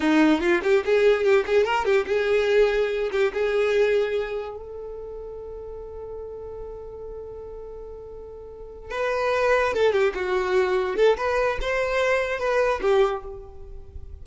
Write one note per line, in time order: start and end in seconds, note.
0.00 0.40 D#4
0.40 0.61 F4
0.63 0.84 G4
0.85 1.24 G#4
1.24 1.44 G4
1.46 1.65 G#4
1.65 1.85 A#4
1.85 2.05 G4
2.06 3.10 G#4
3.11 3.32 G4
3.33 4.56 G#4
4.56 8.90 A4
8.90 9.73 B4
9.73 9.92 A4
9.92 10.13 G4
10.14 10.96 F#4
10.96 11.16 A4
11.17 11.58 B4
11.61 12.39 C5
12.39 12.80 B4
12.81 13.23 G4